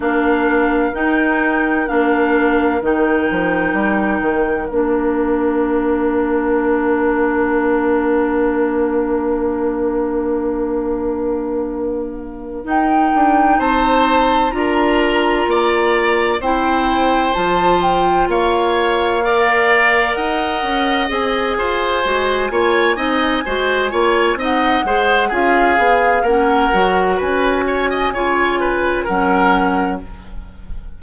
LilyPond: <<
  \new Staff \with { instrumentName = "flute" } { \time 4/4 \tempo 4 = 64 f''4 g''4 f''4 g''4~ | g''4 f''2.~ | f''1~ | f''4. g''4 a''4 ais''8~ |
ais''4. g''4 a''8 g''8 f''8~ | f''4. fis''4 gis''4.~ | gis''2 fis''4 f''4 | fis''4 gis''2 fis''4 | }
  \new Staff \with { instrumentName = "oboe" } { \time 4/4 ais'1~ | ais'1~ | ais'1~ | ais'2~ ais'8 c''4 ais'8~ |
ais'8 d''4 c''2 cis''8~ | cis''8 d''4 dis''4. c''4 | cis''8 dis''8 c''8 cis''8 dis''8 c''8 gis'4 | ais'4 b'8 cis''16 dis''16 cis''8 b'8 ais'4 | }
  \new Staff \with { instrumentName = "clarinet" } { \time 4/4 d'4 dis'4 d'4 dis'4~ | dis'4 d'2.~ | d'1~ | d'4. dis'2 f'8~ |
f'4. e'4 f'4.~ | f'8 ais'2 gis'4 fis'8 | f'8 dis'8 fis'8 f'8 dis'8 gis'8 f'8 gis'8 | cis'8 fis'4. f'4 cis'4 | }
  \new Staff \with { instrumentName = "bassoon" } { \time 4/4 ais4 dis'4 ais4 dis8 f8 | g8 dis8 ais2.~ | ais1~ | ais4. dis'8 d'8 c'4 d'8~ |
d'8 ais4 c'4 f4 ais8~ | ais4. dis'8 cis'8 c'8 f'8 gis8 | ais8 c'8 gis8 ais8 c'8 gis8 cis'8 b8 | ais8 fis8 cis'4 cis4 fis4 | }
>>